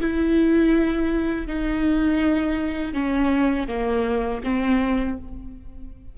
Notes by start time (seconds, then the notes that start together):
0.00 E4
1.46 D#4
2.93 C#4
3.67 A#3
4.43 C4